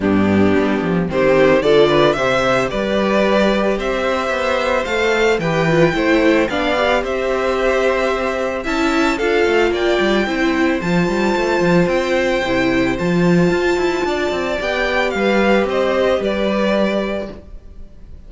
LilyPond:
<<
  \new Staff \with { instrumentName = "violin" } { \time 4/4 \tempo 4 = 111 g'2 c''4 d''4 | e''4 d''2 e''4~ | e''4 f''4 g''2 | f''4 e''2. |
a''4 f''4 g''2 | a''2 g''2 | a''2. g''4 | f''4 dis''4 d''2 | }
  \new Staff \with { instrumentName = "violin" } { \time 4/4 d'2 g'4 a'8 b'8 | c''4 b'2 c''4~ | c''2 b'4 c''4 | d''4 c''2. |
e''4 a'4 d''4 c''4~ | c''1~ | c''2 d''2 | b'4 c''4 b'2 | }
  \new Staff \with { instrumentName = "viola" } { \time 4/4 b2 c'4 f'4 | g'1~ | g'4 a'4 g'8 f'8 e'4 | d'8 g'2.~ g'8 |
e'4 f'2 e'4 | f'2. e'4 | f'2. g'4~ | g'1 | }
  \new Staff \with { instrumentName = "cello" } { \time 4/4 g,4 g8 f8 dis4 d4 | c4 g2 c'4 | b4 a4 e4 a4 | b4 c'2. |
cis'4 d'8 a8 ais8 g8 c'4 | f8 g8 a8 f8 c'4 c4 | f4 f'8 e'8 d'8 c'8 b4 | g4 c'4 g2 | }
>>